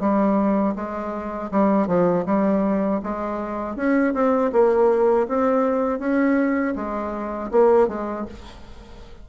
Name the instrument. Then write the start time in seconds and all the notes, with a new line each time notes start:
bassoon
0.00 G3
0.76 G#3
1.51 G3
1.87 F3
2.26 G3
3.03 G#3
3.76 C#4
4.14 C4
4.52 A#3
5.28 C4
5.99 C#4
6.76 G#3
7.51 A#3
7.88 G#3